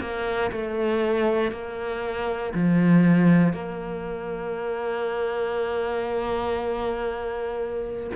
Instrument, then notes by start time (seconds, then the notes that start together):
cello
0.00 A#3
0.51 A3
1.51 A#3
2.54 F3
3.53 A#3